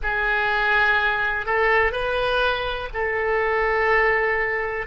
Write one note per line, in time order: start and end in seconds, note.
0.03 1.46 G#4
1.46 1.92 A4
1.92 2.89 B4
2.93 4.86 A4